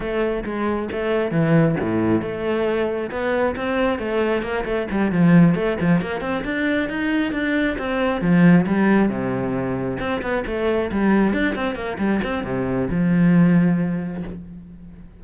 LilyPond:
\new Staff \with { instrumentName = "cello" } { \time 4/4 \tempo 4 = 135 a4 gis4 a4 e4 | a,4 a2 b4 | c'4 a4 ais8 a8 g8 f8~ | f8 a8 f8 ais8 c'8 d'4 dis'8~ |
dis'8 d'4 c'4 f4 g8~ | g8 c2 c'8 b8 a8~ | a8 g4 d'8 c'8 ais8 g8 c'8 | c4 f2. | }